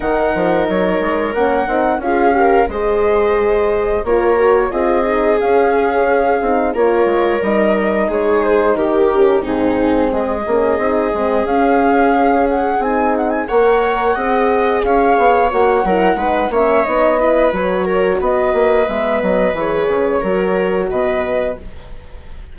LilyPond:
<<
  \new Staff \with { instrumentName = "flute" } { \time 4/4 \tempo 4 = 89 fis''4 cis''4 fis''4 f''4 | dis''2 cis''4 dis''4 | f''2 cis''4 dis''4 | cis''8 c''8 ais'4 gis'4 dis''4~ |
dis''4 f''4. fis''8 gis''8 fis''16 gis''16 | fis''2 f''4 fis''4~ | fis''8 e''8 dis''4 cis''4 dis''4 | e''8 dis''8 cis''2 dis''4 | }
  \new Staff \with { instrumentName = "viola" } { \time 4/4 ais'2. gis'8 ais'8 | c''2 ais'4 gis'4~ | gis'2 ais'2 | gis'4 g'4 dis'4 gis'4~ |
gis'1 | cis''4 dis''4 cis''4. ais'8 | b'8 cis''4 b'4 ais'8 b'4~ | b'2 ais'4 b'4 | }
  \new Staff \with { instrumentName = "horn" } { \time 4/4 dis'2 cis'8 dis'8 f'8 g'8 | gis'2 f'8 fis'8 f'8 dis'8 | cis'4. dis'8 f'4 dis'4~ | dis'4. cis'8 c'4. cis'8 |
dis'8 c'8 cis'2 dis'4 | ais'4 gis'2 fis'8 e'8 | dis'8 cis'8 dis'8 e'8 fis'2 | b4 gis'4 fis'2 | }
  \new Staff \with { instrumentName = "bassoon" } { \time 4/4 dis8 f8 fis8 gis8 ais8 c'8 cis'4 | gis2 ais4 c'4 | cis'4. c'8 ais8 gis8 g4 | gis4 dis4 gis,4 gis8 ais8 |
c'8 gis8 cis'2 c'4 | ais4 c'4 cis'8 b8 ais8 fis8 | gis8 ais8 b4 fis4 b8 ais8 | gis8 fis8 e8 cis8 fis4 b,4 | }
>>